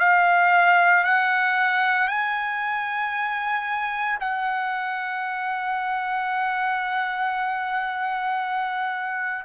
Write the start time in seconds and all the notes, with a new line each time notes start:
0.00 F5
1.05 F#5
2.08 G#5
4.21 F#5